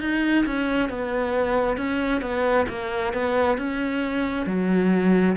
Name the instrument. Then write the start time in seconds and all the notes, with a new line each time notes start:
cello
0.00 D#4
0.45 C#4
0.89 B3
1.77 C#4
2.21 B3
2.68 A#3
3.13 B3
3.57 C#4
4.46 F#3